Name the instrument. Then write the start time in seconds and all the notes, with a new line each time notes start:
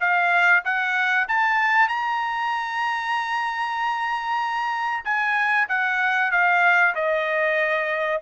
trumpet
0.00 F5
0.64 F#5
1.28 A5
1.88 A#5
5.05 G#5
5.68 F#5
6.31 F5
6.95 D#5